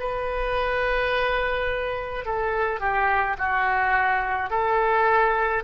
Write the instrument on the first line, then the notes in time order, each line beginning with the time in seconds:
oboe
0.00 B4
2.25 A4
2.80 G4
3.38 F#4
4.51 A4